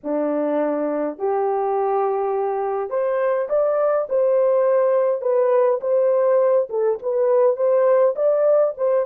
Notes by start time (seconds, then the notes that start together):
0.03 D4
1.18 G4
2.90 C5
3.49 D5
4.09 C5
5.21 B4
5.80 C5
6.69 A4
7.02 B4
7.56 C5
8.15 D5
8.77 C5